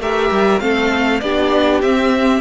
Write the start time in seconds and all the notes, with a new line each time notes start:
0.00 A3 G4 A#4 E5
0.30 G3
0.59 A3 C4 A4 F5
1.20 B3 D4 G4 D5
1.81 C4 E5